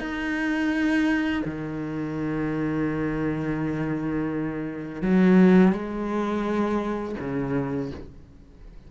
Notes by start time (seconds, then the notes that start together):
0.00 D#4
1.46 D#3
5.02 F#3
5.73 G#3
7.20 C#3